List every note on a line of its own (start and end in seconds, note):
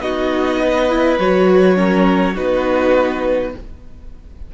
0.00 1.18 B3
0.00 0.89 D#4
0.00 0.62 F#4
0.00 1.19 D#5
0.62 1.77 B4
0.89 1.19 E4
1.19 2.37 F#3
1.19 1.76 F#4
1.19 2.37 C#5
1.76 2.35 C#4
1.76 2.34 A#4
2.34 3.55 B3
2.34 3.53 D#4
2.34 3.51 F#4
2.34 3.55 B4